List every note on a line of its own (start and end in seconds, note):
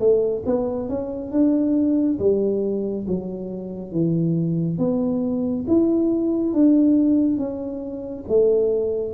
0.00 0.43 A3
0.46 0.89 B3
0.89 1.32 C#4
1.32 2.19 D4
2.19 3.06 G3
3.08 3.92 F#3
3.92 4.79 E3
4.79 5.66 B3
5.68 6.54 E4
6.54 7.38 D4
7.38 8.25 C#4
8.28 9.14 A3